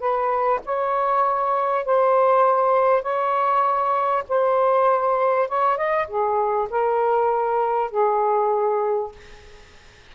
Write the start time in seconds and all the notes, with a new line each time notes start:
0.00 B4
0.66 C#5
1.86 C5
3.03 C#5
4.29 C5
5.49 C#5
5.77 D#5
6.08 G#4
6.71 A#4
7.91 G#4